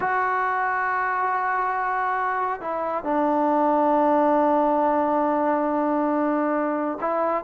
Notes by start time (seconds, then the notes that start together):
0.00 F#4
2.61 E4
3.04 D4
7.00 E4